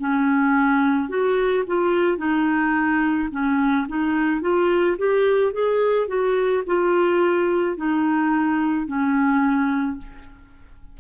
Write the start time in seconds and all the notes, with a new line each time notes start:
0.00 C#4
1.09 F#4
1.68 F4
2.18 D#4
3.32 C#4
3.88 D#4
4.42 F4
4.98 G4
5.54 G#4
6.08 F#4
6.67 F4
7.77 D#4
8.87 C#4